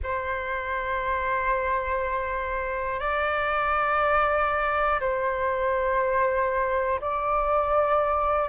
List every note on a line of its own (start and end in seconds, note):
0.03 2.99 C5
2.99 4.99 D5
5.00 7.00 C5
7.00 8.48 D5